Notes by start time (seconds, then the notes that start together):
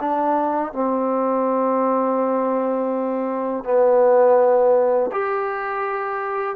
0.00 D4
0.72 C4
3.64 B3
5.12 G4